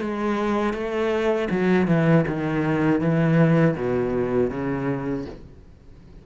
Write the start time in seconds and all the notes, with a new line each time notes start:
0.00 G#3
0.73 A3
1.50 F#3
1.87 E3
2.27 D#3
3.00 E3
3.76 B2
4.50 C#3